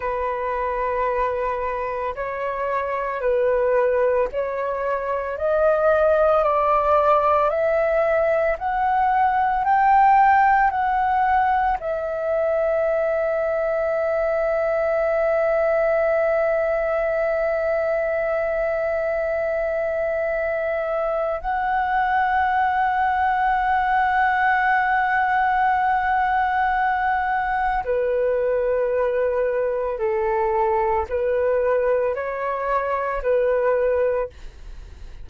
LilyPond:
\new Staff \with { instrumentName = "flute" } { \time 4/4 \tempo 4 = 56 b'2 cis''4 b'4 | cis''4 dis''4 d''4 e''4 | fis''4 g''4 fis''4 e''4~ | e''1~ |
e''1 | fis''1~ | fis''2 b'2 | a'4 b'4 cis''4 b'4 | }